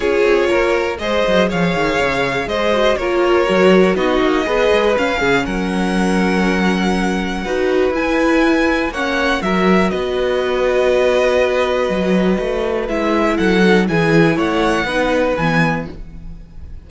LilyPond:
<<
  \new Staff \with { instrumentName = "violin" } { \time 4/4 \tempo 4 = 121 cis''2 dis''4 f''4~ | f''4 dis''4 cis''2 | dis''2 f''4 fis''4~ | fis''1 |
gis''2 fis''4 e''4 | dis''1~ | dis''2 e''4 fis''4 | gis''4 fis''2 gis''4 | }
  \new Staff \with { instrumentName = "violin" } { \time 4/4 gis'4 ais'4 c''4 cis''4~ | cis''4 c''4 ais'2 | fis'4 b'4. gis'8 ais'4~ | ais'2. b'4~ |
b'2 cis''4 ais'4 | b'1~ | b'2. a'4 | gis'4 cis''4 b'2 | }
  \new Staff \with { instrumentName = "viola" } { \time 4/4 f'2 gis'2~ | gis'4. fis'8 f'4 fis'4 | dis'4 gis'4 cis'2~ | cis'2. fis'4 |
e'2 cis'4 fis'4~ | fis'1~ | fis'2 e'4. dis'8 | e'2 dis'4 b4 | }
  \new Staff \with { instrumentName = "cello" } { \time 4/4 cis'8 c'8 ais4 gis8 fis8 f8 dis8 | cis4 gis4 ais4 fis4 | b8 ais8 b8 gis8 cis'8 cis8 fis4~ | fis2. dis'4 |
e'2 ais4 fis4 | b1 | fis4 a4 gis4 fis4 | e4 a4 b4 e4 | }
>>